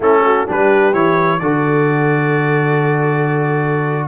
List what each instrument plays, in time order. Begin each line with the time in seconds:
0.00 tuba A3, trombone C#4, horn E4, trumpet A4
0.24 horn F#4
0.46 tuba G3, trombone D4, horn G4, trumpet B4
0.93 tuba E3, trombone E4, trumpet C#5
1.39 tuba D3, trombone F#4, horn A4, trumpet D5